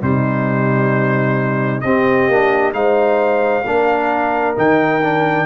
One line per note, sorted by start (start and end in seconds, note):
0.00 1.84 C3
0.00 1.82 G3
0.00 1.84 D#4
0.00 1.81 C5
1.81 2.28 C4
1.81 2.31 C4
1.81 2.75 G4
1.81 2.72 D#5
2.28 2.73 A#3
2.28 2.73 D4
2.73 3.64 G#3
2.73 3.64 D#4
2.73 3.66 C5
2.73 4.55 F5
3.65 4.56 A#3
3.65 4.56 D4
3.65 5.46 A#4
4.56 5.46 D#3
4.56 5.01 D#4
4.56 5.46 G5
5.02 5.46 D4